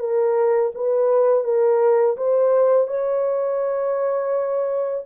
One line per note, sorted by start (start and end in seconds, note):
0.00 0.72 A#4
0.75 1.45 B4
1.45 2.17 A#4
2.18 2.88 C5
2.88 5.05 C#5